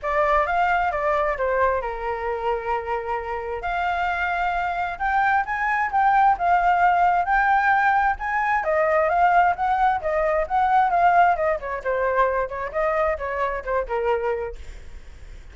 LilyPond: \new Staff \with { instrumentName = "flute" } { \time 4/4 \tempo 4 = 132 d''4 f''4 d''4 c''4 | ais'1 | f''2. g''4 | gis''4 g''4 f''2 |
g''2 gis''4 dis''4 | f''4 fis''4 dis''4 fis''4 | f''4 dis''8 cis''8 c''4. cis''8 | dis''4 cis''4 c''8 ais'4. | }